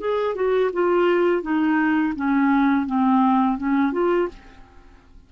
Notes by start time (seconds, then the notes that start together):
0.00 G#4
0.35 F#4
0.73 F4
1.43 D#4
2.16 C#4
2.87 C4
3.58 C#4
3.93 F4